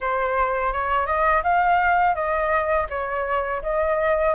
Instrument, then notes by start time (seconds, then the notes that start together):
flute
0.00 C5
0.72 C#5
1.06 D#5
1.43 F5
2.14 D#5
2.89 C#5
3.62 D#5